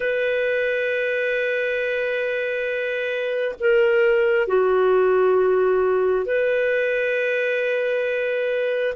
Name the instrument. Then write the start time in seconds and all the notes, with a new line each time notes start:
clarinet
0.00 B4
3.59 A#4
4.47 F#4
6.25 B4